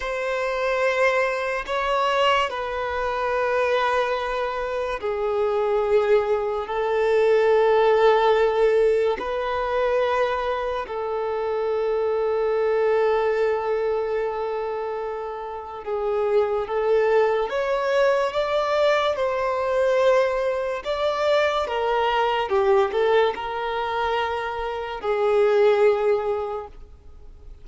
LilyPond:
\new Staff \with { instrumentName = "violin" } { \time 4/4 \tempo 4 = 72 c''2 cis''4 b'4~ | b'2 gis'2 | a'2. b'4~ | b'4 a'2.~ |
a'2. gis'4 | a'4 cis''4 d''4 c''4~ | c''4 d''4 ais'4 g'8 a'8 | ais'2 gis'2 | }